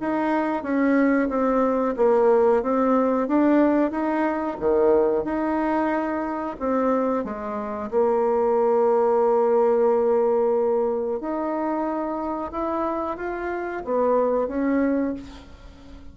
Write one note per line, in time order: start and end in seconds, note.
0.00 0.63 D#4
0.63 1.29 C#4
1.29 1.95 C4
1.96 2.62 A#3
2.62 3.28 C4
3.28 3.91 D4
3.91 4.57 D#4
4.59 5.24 D#3
5.24 6.56 D#4
6.59 7.24 C4
7.24 7.90 G#3
7.90 11.20 A#3
11.20 12.51 D#4
12.51 13.17 E4
13.17 13.83 F4
13.84 14.48 B3
14.48 15.13 C#4